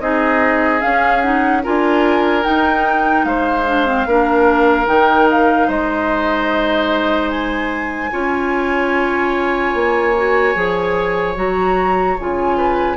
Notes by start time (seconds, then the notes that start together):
0.00 C4 D#4 G#4 D#5
0.80 C#4 F5
1.21 D#4 F#5
1.63 D4 F4 A#4 G#5
2.43 D#4 G5
3.24 G#3 C5 F5
3.66 D4
3.86 C4
4.06 A#3 D4 A#4
4.86 D#3 D#4 G5
5.31 F5
5.67 G#3 C5 D#5
7.29 G#5
8.11 C#4 F4 C#5
9.74 A#3
10.16 F#4
10.54 F3 G#4
11.35 F#3 F#4 A#5
12.19 C#3 F4 G#5
12.57 B4